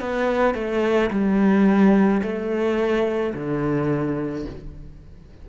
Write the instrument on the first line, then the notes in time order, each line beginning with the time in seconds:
cello
0.00 B3
0.55 A3
1.11 G3
2.23 A3
3.34 D3